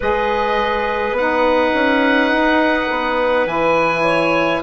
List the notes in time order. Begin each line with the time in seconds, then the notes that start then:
0.00 G#3 G#4 B4 D#5
1.12 B3 D#4 F#5
1.74 C#4
2.31 D#4
2.89 B3
3.46 E3 E4 G#5
4.03 C#5